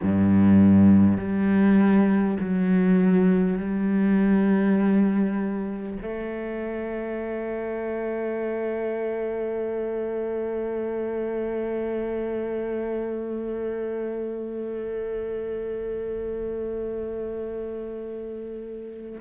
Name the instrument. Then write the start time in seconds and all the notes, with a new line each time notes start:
cello
0.02 G2
1.17 G3
2.40 F#3
3.57 G3
6.02 A3